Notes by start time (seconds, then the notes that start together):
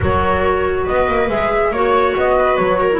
0.00 F#3 F#4 A#4 C#5
0.84 B3 B4 D#5
1.08 A#3
1.28 G#3 G#4 E5
1.71 A#3 F#4 C#5
2.16 B3 D#5
2.38 B4
2.56 F#3 C#5
2.80 A#4
2.92 E4